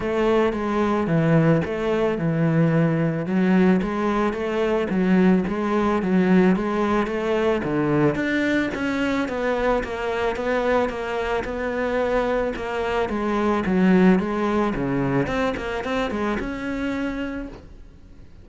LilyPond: \new Staff \with { instrumentName = "cello" } { \time 4/4 \tempo 4 = 110 a4 gis4 e4 a4 | e2 fis4 gis4 | a4 fis4 gis4 fis4 | gis4 a4 d4 d'4 |
cis'4 b4 ais4 b4 | ais4 b2 ais4 | gis4 fis4 gis4 cis4 | c'8 ais8 c'8 gis8 cis'2 | }